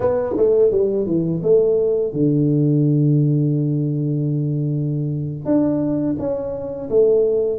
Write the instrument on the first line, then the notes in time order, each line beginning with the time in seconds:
tuba
0.00 B3
0.37 A3
0.71 G3
1.06 E3
1.42 A3
2.12 D3
5.45 D4
6.18 C#4
6.89 A3